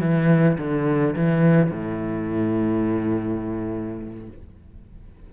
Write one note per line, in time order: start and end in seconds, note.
0.00 0.57 E3
0.57 1.15 D3
1.15 1.70 E3
1.70 4.28 A2